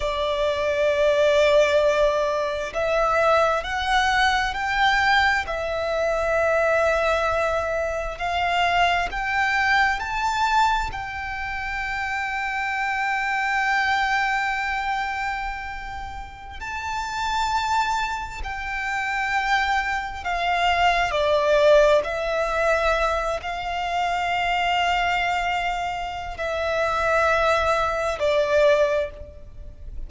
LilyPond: \new Staff \with { instrumentName = "violin" } { \time 4/4 \tempo 4 = 66 d''2. e''4 | fis''4 g''4 e''2~ | e''4 f''4 g''4 a''4 | g''1~ |
g''2~ g''16 a''4.~ a''16~ | a''16 g''2 f''4 d''8.~ | d''16 e''4. f''2~ f''16~ | f''4 e''2 d''4 | }